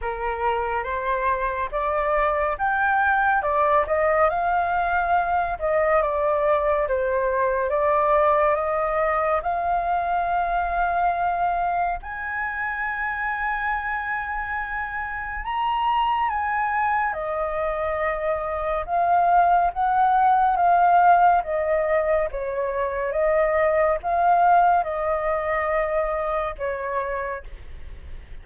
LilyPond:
\new Staff \with { instrumentName = "flute" } { \time 4/4 \tempo 4 = 70 ais'4 c''4 d''4 g''4 | d''8 dis''8 f''4. dis''8 d''4 | c''4 d''4 dis''4 f''4~ | f''2 gis''2~ |
gis''2 ais''4 gis''4 | dis''2 f''4 fis''4 | f''4 dis''4 cis''4 dis''4 | f''4 dis''2 cis''4 | }